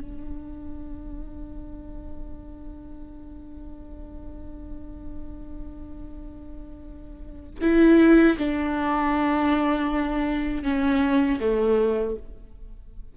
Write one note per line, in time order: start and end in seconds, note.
0.00 7.59 D4
7.61 8.37 E4
8.38 10.63 D4
10.63 11.39 C#4
11.40 12.16 A3